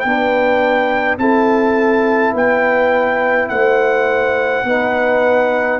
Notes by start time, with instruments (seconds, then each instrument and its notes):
0.00 tuba B3, trombone D4, trumpet G5
0.08 horn B4
1.18 tuba C4, trombone E4, horn A4, trumpet A5
2.33 tuba B3, horn B4, trumpet G5
3.49 tuba A3, horn C5, trumpet F#5
4.63 tuba B3, trombone D#4, horn B4